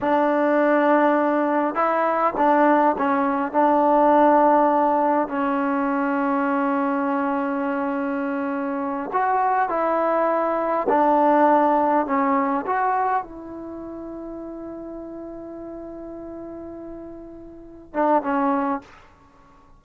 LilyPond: \new Staff \with { instrumentName = "trombone" } { \time 4/4 \tempo 4 = 102 d'2. e'4 | d'4 cis'4 d'2~ | d'4 cis'2.~ | cis'2.~ cis'8 fis'8~ |
fis'8 e'2 d'4.~ | d'8 cis'4 fis'4 e'4.~ | e'1~ | e'2~ e'8 d'8 cis'4 | }